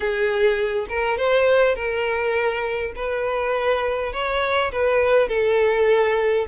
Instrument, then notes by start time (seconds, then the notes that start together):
violin
0.00 G#4
0.88 A#4
1.17 C5
1.75 A#4
2.95 B4
4.12 C#5
4.72 B4
5.28 A4